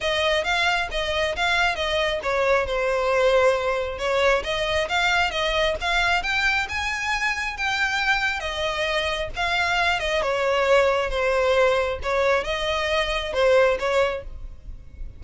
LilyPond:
\new Staff \with { instrumentName = "violin" } { \time 4/4 \tempo 4 = 135 dis''4 f''4 dis''4 f''4 | dis''4 cis''4 c''2~ | c''4 cis''4 dis''4 f''4 | dis''4 f''4 g''4 gis''4~ |
gis''4 g''2 dis''4~ | dis''4 f''4. dis''8 cis''4~ | cis''4 c''2 cis''4 | dis''2 c''4 cis''4 | }